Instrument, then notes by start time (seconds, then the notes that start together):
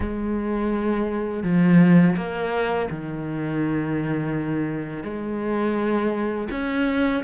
cello
0.00 G#3
1.43 F3
2.16 A#3
2.89 D#3
5.03 G#3
6.51 C#4